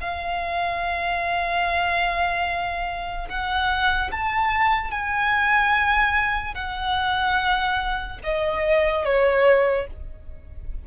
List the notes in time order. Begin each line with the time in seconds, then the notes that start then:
0.00 F5
3.28 F#5
4.11 A5
4.91 G#5
6.54 F#5
8.23 D#5
9.04 C#5